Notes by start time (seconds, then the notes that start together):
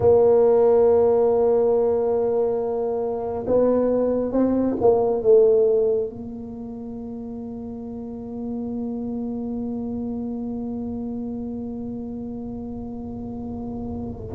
0.00 A#3
3.47 B3
4.32 C4
4.80 A#3
5.22 A3
6.09 A#3